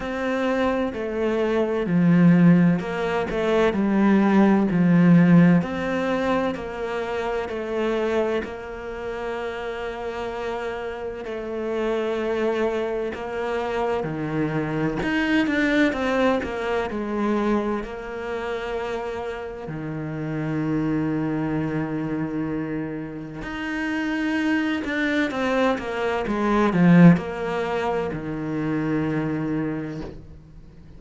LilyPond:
\new Staff \with { instrumentName = "cello" } { \time 4/4 \tempo 4 = 64 c'4 a4 f4 ais8 a8 | g4 f4 c'4 ais4 | a4 ais2. | a2 ais4 dis4 |
dis'8 d'8 c'8 ais8 gis4 ais4~ | ais4 dis2.~ | dis4 dis'4. d'8 c'8 ais8 | gis8 f8 ais4 dis2 | }